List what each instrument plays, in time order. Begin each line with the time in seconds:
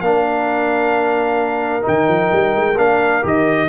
0.00 tuba A#3, trombone D4, horn A#4, trumpet F5
1.82 trombone D#4, trumpet G5
1.88 tuba D#3
2.08 tuba F3
2.32 tuba G3
2.56 tuba G#3
2.77 tuba A#3, trombone D4, trumpet F5
3.22 tuba D#3, trombone G4, trumpet D#5